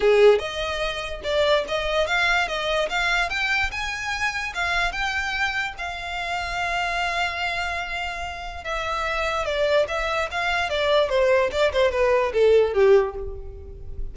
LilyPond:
\new Staff \with { instrumentName = "violin" } { \time 4/4 \tempo 4 = 146 gis'4 dis''2 d''4 | dis''4 f''4 dis''4 f''4 | g''4 gis''2 f''4 | g''2 f''2~ |
f''1~ | f''4 e''2 d''4 | e''4 f''4 d''4 c''4 | d''8 c''8 b'4 a'4 g'4 | }